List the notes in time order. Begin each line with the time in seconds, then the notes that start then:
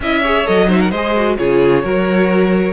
0.00 C#4 E4 D#5 E5
0.20 G#4 C#5
0.45 F#3 A4 D#5
0.67 D#4 C5 E5
0.79 A#4 F#5
0.90 G#3 G#4 C5 D#5
1.15 F#4
1.37 C#3 F4 G#4 C#5
1.83 F#3 F#4 A#4